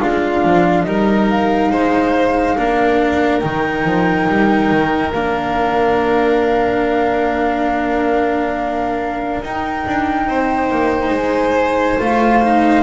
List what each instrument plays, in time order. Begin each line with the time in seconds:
0.00 double bass G#3, cello D4, violin F4, flute F5
0.44 double bass F3
0.82 double bass G3, cello D#4, violin A#4, flute D#5
1.29 flute F5
1.70 double bass G#3, violin C5
2.57 double bass A#3, cello D4, violin A#4
3.40 double bass D#3, cello D#4, flute G5
3.84 double bass F3
4.28 double bass G3
4.70 double bass D#3
5.12 double bass A#3, cello D4, flute F5
9.42 double bass D#4, cello D#4, flute G5
9.86 double bass D4
10.27 double bass C4, violin C5
10.70 double bass A#3
11.10 double bass G#3, flute G#5
11.99 double bass A3, cello F4, flute F5
12.42 cello D#4